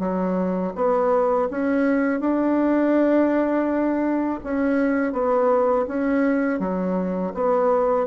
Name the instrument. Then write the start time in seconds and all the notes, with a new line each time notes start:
bassoon
0.00 F#3
0.76 B3
1.51 C#4
2.21 D4
4.44 C#4
5.13 B3
5.88 C#4
6.60 F#3
7.35 B3